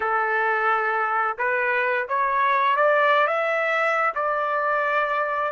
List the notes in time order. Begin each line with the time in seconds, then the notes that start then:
0.00 A4
1.38 B4
2.08 C#5
2.76 D5
3.27 E5
4.14 D5